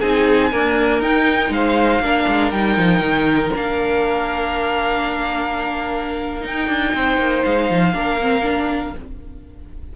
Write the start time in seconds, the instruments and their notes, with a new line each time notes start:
0.00 cello C4, viola D#4, violin G#4 G#5
0.51 viola A#3, cello D4, violin A#4
1.00 cello D#4, viola D#4, violin G5
1.49 cello G#3, violin C5 F5
2.00 cello A#3, viola D4, violin A#4
2.28 cello G#3
2.51 cello G3, viola D#4, violin G5
2.77 cello F3
3.00 cello D#3
3.55 cello A#3, viola D4, violin F5
6.41 viola D#4, cello D#4, violin G5
6.68 cello D4
6.94 cello C4, violin C5
7.18 cello A#3
7.45 cello G#3, violin F5
7.70 cello F3
7.94 cello A#3, viola D4, violin A#4
8.21 viola C4
8.43 viola D4